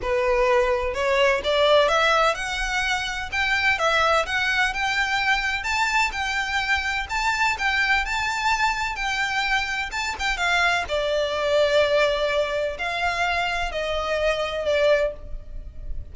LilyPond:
\new Staff \with { instrumentName = "violin" } { \time 4/4 \tempo 4 = 127 b'2 cis''4 d''4 | e''4 fis''2 g''4 | e''4 fis''4 g''2 | a''4 g''2 a''4 |
g''4 a''2 g''4~ | g''4 a''8 g''8 f''4 d''4~ | d''2. f''4~ | f''4 dis''2 d''4 | }